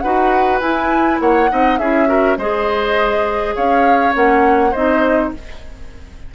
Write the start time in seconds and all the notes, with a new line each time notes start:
0.00 D#4 F#4 B4 F#5
0.60 E4 G#5
1.20 A#3 C#5 F#5
1.49 C4 D#4 D#5
1.78 C#4 E4 G#4 E5
2.06 F#4 A#4
2.37 G#3 G#4 C5 D#5
3.55 C#4 C#5 F5
4.13 A#3 C#4 F#5
4.71 C4 D#4 C5 D#5